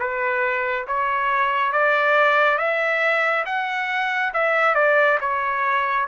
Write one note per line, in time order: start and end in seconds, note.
0.00 0.87 B4
0.87 1.73 C#5
1.73 2.58 D5
2.58 3.45 E5
3.46 4.33 F#5
4.34 4.75 E5
4.75 5.19 D5
5.21 6.08 C#5